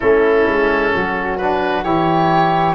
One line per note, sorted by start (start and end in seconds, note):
0.00 0.47 A3
0.00 1.39 C#4
0.00 0.91 E4
0.00 1.37 A4
0.47 0.93 G#3
0.94 1.84 F#3
0.94 1.84 F#4
1.37 1.84 D4
1.37 1.83 B4
1.83 2.74 E3
1.83 2.74 E4
1.83 2.74 G4
1.83 2.74 C#5